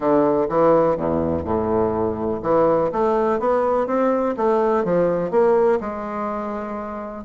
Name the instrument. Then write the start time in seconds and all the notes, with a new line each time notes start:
bassoon
0.00 D3
0.49 E3
0.96 E2
1.44 A2
2.42 E3
2.92 A3
3.39 B3
3.87 C4
4.36 A3
4.84 F3
5.30 A#3
5.80 G#3